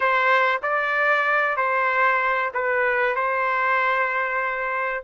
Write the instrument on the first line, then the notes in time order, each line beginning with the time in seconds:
trumpet
0.00 C5
0.62 D5
1.56 C5
2.53 B4
3.16 C5